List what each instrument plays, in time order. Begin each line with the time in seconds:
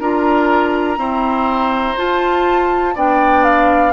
0.00 bassoon D4, clarinet F4, oboe A#4, flute A#5
0.97 clarinet C4, bassoon E4, oboe C5
1.97 clarinet F4, bassoon F4, flute A5
2.95 bassoon B3, clarinet D4, oboe D5, flute G5
3.44 flute F5